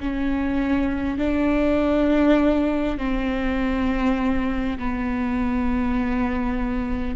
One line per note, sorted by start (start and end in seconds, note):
0.00 1.18 C#4
1.18 2.98 D4
2.98 4.78 C4
4.78 7.16 B3